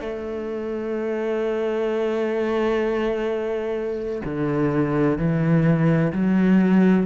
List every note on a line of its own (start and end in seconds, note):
0.00 4.22 A3
4.24 5.18 D3
5.18 6.12 E3
6.13 7.06 F#3